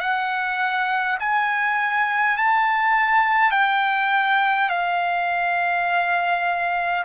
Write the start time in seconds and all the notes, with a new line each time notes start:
0.00 F#5
1.20 G#5
2.37 A5
3.51 G5
4.69 F5